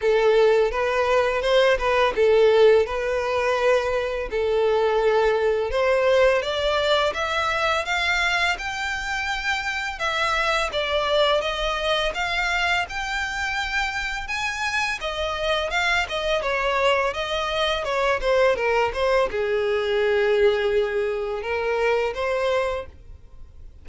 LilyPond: \new Staff \with { instrumentName = "violin" } { \time 4/4 \tempo 4 = 84 a'4 b'4 c''8 b'8 a'4 | b'2 a'2 | c''4 d''4 e''4 f''4 | g''2 e''4 d''4 |
dis''4 f''4 g''2 | gis''4 dis''4 f''8 dis''8 cis''4 | dis''4 cis''8 c''8 ais'8 c''8 gis'4~ | gis'2 ais'4 c''4 | }